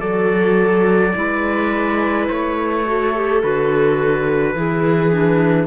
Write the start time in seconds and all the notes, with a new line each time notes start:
0.00 F#3 F#4 A4 D5
1.15 G#3 E4 B4
2.28 A3 C#5
2.85 F#4 A4
3.15 G4
3.42 D3 F#4 B4
4.55 E3 E4 G#4
5.11 D4